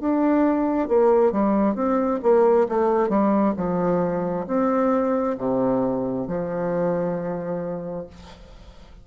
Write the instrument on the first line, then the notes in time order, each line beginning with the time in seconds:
bassoon
0.00 D4
0.89 A#3
1.32 G3
1.75 C4
2.23 A#3
2.69 A3
3.09 G3
3.57 F3
4.47 C4
5.39 C3
6.28 F3